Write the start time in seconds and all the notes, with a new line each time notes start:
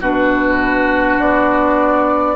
0.00 B2 D4 F#4 B4
1.19 B3 D5